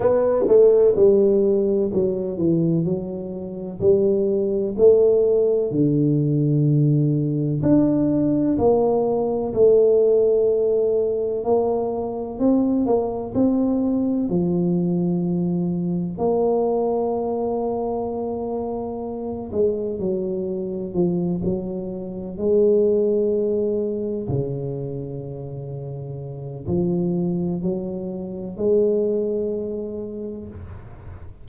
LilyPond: \new Staff \with { instrumentName = "tuba" } { \time 4/4 \tempo 4 = 63 b8 a8 g4 fis8 e8 fis4 | g4 a4 d2 | d'4 ais4 a2 | ais4 c'8 ais8 c'4 f4~ |
f4 ais2.~ | ais8 gis8 fis4 f8 fis4 gis8~ | gis4. cis2~ cis8 | f4 fis4 gis2 | }